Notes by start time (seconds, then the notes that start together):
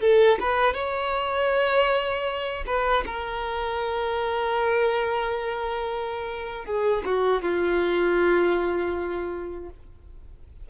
0.00 A4
0.39 B4
0.74 C#5
2.66 B4
3.06 A#4
6.65 G#4
7.05 F#4
7.42 F4